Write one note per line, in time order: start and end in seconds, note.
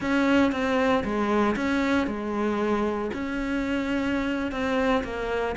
0.00 0.51 C#4
0.51 1.03 C4
1.03 1.55 G#3
1.56 2.07 C#4
2.07 3.10 G#3
3.13 4.51 C#4
4.51 5.03 C4
5.04 5.55 A#3